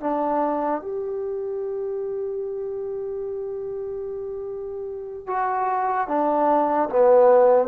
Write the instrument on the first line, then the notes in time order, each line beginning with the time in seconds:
trombone
0.00 D4
0.81 G4
5.27 F#4
6.08 D4
6.89 B3